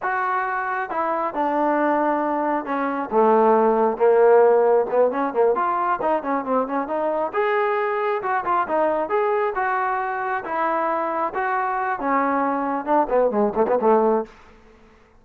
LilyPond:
\new Staff \with { instrumentName = "trombone" } { \time 4/4 \tempo 4 = 135 fis'2 e'4 d'4~ | d'2 cis'4 a4~ | a4 ais2 b8 cis'8 | ais8 f'4 dis'8 cis'8 c'8 cis'8 dis'8~ |
dis'8 gis'2 fis'8 f'8 dis'8~ | dis'8 gis'4 fis'2 e'8~ | e'4. fis'4. cis'4~ | cis'4 d'8 b8 gis8 a16 b16 a4 | }